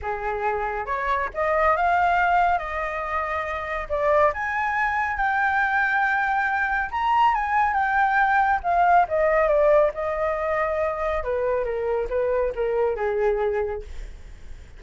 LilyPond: \new Staff \with { instrumentName = "flute" } { \time 4/4 \tempo 4 = 139 gis'2 cis''4 dis''4 | f''2 dis''2~ | dis''4 d''4 gis''2 | g''1 |
ais''4 gis''4 g''2 | f''4 dis''4 d''4 dis''4~ | dis''2 b'4 ais'4 | b'4 ais'4 gis'2 | }